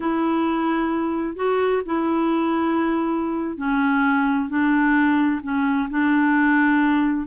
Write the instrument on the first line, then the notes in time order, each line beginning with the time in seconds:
clarinet
0.00 E4
1.36 F#4
1.85 E4
3.57 C#4
4.49 D4
5.42 C#4
5.90 D4